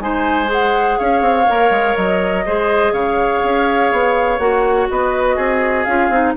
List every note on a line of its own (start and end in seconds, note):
0.00 0.98 G#3
0.00 0.46 D#4
0.00 0.99 C5
0.00 0.50 G#5
0.46 1.43 G#4
0.52 0.99 F#5
0.99 1.21 C#4
0.99 2.45 C#5
0.99 1.96 F5
1.21 1.46 C4
1.48 1.70 A#3
1.48 2.46 A#4
1.70 1.95 G#3
1.96 2.46 F#3
1.96 2.93 D#5
2.46 2.92 G#3
2.46 4.40 G#4
2.46 2.93 C5
2.92 3.41 C#3
2.92 4.88 C#5
2.92 4.39 F5
3.43 3.92 C#4
3.92 4.39 B3
4.39 4.88 A#3
4.39 5.86 F#4
4.39 4.87 F#5
4.90 5.37 B3
4.90 5.36 B4
4.90 5.84 D#5
5.36 5.86 C4
5.36 6.33 G#4
5.84 6.10 C#4
5.84 6.12 F4
5.84 6.33 F5
6.10 6.34 C4
6.10 6.36 D#4